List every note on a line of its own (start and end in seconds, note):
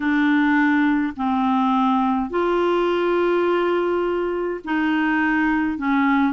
0.00 1.13 D4
1.16 2.30 C4
2.30 4.60 F4
4.64 5.77 D#4
5.77 6.33 C#4